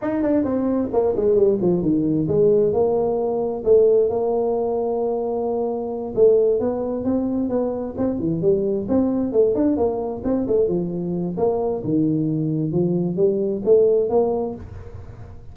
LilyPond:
\new Staff \with { instrumentName = "tuba" } { \time 4/4 \tempo 4 = 132 dis'8 d'8 c'4 ais8 gis8 g8 f8 | dis4 gis4 ais2 | a4 ais2.~ | ais4. a4 b4 c'8~ |
c'8 b4 c'8 e8 g4 c'8~ | c'8 a8 d'8 ais4 c'8 a8 f8~ | f4 ais4 dis2 | f4 g4 a4 ais4 | }